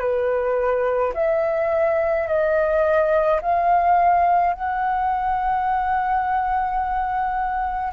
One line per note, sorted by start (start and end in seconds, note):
0.00 1.13 B4
1.15 2.28 E5
2.28 3.41 D#5
3.42 4.54 F5
4.54 7.93 F#5